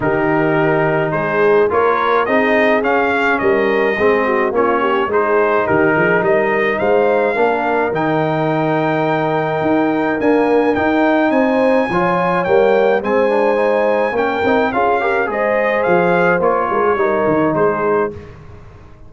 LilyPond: <<
  \new Staff \with { instrumentName = "trumpet" } { \time 4/4 \tempo 4 = 106 ais'2 c''4 cis''4 | dis''4 f''4 dis''2 | cis''4 c''4 ais'4 dis''4 | f''2 g''2~ |
g''2 gis''4 g''4 | gis''2 g''4 gis''4~ | gis''4 g''4 f''4 dis''4 | f''4 cis''2 c''4 | }
  \new Staff \with { instrumentName = "horn" } { \time 4/4 g'2 gis'4 ais'4 | gis'2 ais'4 gis'8 fis'8 | f'8 g'8 gis'4 g'8 gis'8 ais'4 | c''4 ais'2.~ |
ais'1 | c''4 cis''2 c''4~ | c''4 ais'4 gis'8 ais'8 c''4~ | c''4. ais'16 gis'16 ais'4 gis'4 | }
  \new Staff \with { instrumentName = "trombone" } { \time 4/4 dis'2. f'4 | dis'4 cis'2 c'4 | cis'4 dis'2.~ | dis'4 d'4 dis'2~ |
dis'2 ais4 dis'4~ | dis'4 f'4 ais4 c'8 d'8 | dis'4 cis'8 dis'8 f'8 g'8 gis'4~ | gis'4 f'4 dis'2 | }
  \new Staff \with { instrumentName = "tuba" } { \time 4/4 dis2 gis4 ais4 | c'4 cis'4 g4 gis4 | ais4 gis4 dis8 f8 g4 | gis4 ais4 dis2~ |
dis4 dis'4 d'4 dis'4 | c'4 f4 g4 gis4~ | gis4 ais8 c'8 cis'4 gis4 | f4 ais8 gis8 g8 dis8 gis4 | }
>>